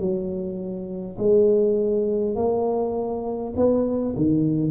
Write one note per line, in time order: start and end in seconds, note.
0.00 1.17 F#3
1.19 2.36 G#3
2.36 3.53 A#3
3.57 4.16 B3
4.17 4.71 D#3